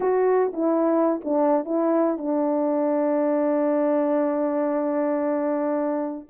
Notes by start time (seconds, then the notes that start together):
0.00 F#4
0.53 E4
1.24 D4
1.65 E4
2.18 D4